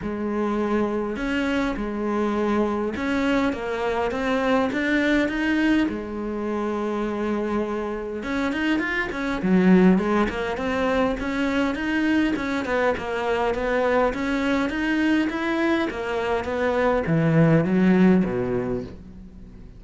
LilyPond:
\new Staff \with { instrumentName = "cello" } { \time 4/4 \tempo 4 = 102 gis2 cis'4 gis4~ | gis4 cis'4 ais4 c'4 | d'4 dis'4 gis2~ | gis2 cis'8 dis'8 f'8 cis'8 |
fis4 gis8 ais8 c'4 cis'4 | dis'4 cis'8 b8 ais4 b4 | cis'4 dis'4 e'4 ais4 | b4 e4 fis4 b,4 | }